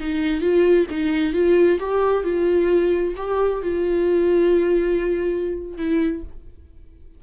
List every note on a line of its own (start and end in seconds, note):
0.00 0.41 D#4
0.41 0.87 F4
0.90 1.33 D#4
1.33 1.79 F4
1.80 2.24 G4
2.24 3.14 F4
3.17 3.62 G4
3.62 5.77 F4
5.77 6.23 E4